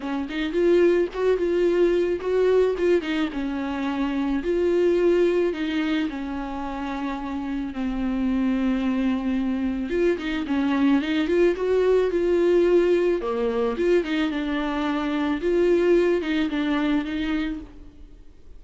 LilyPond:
\new Staff \with { instrumentName = "viola" } { \time 4/4 \tempo 4 = 109 cis'8 dis'8 f'4 fis'8 f'4. | fis'4 f'8 dis'8 cis'2 | f'2 dis'4 cis'4~ | cis'2 c'2~ |
c'2 f'8 dis'8 cis'4 | dis'8 f'8 fis'4 f'2 | ais4 f'8 dis'8 d'2 | f'4. dis'8 d'4 dis'4 | }